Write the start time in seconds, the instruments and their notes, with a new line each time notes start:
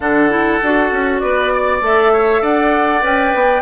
0.00 bassoon D3, clarinet D4, oboe A4, flute F#5
0.29 clarinet E4
0.62 bassoon D4, clarinet F#4
0.91 bassoon C#4
1.19 bassoon B3, oboe B4, flute D5
1.53 oboe D5
1.81 bassoon A3, clarinet A4, flute E5
2.12 oboe C#5
2.41 bassoon D4, oboe D5, flute F#5
3.01 bassoon C#4, clarinet B4, flute G5
3.34 bassoon B3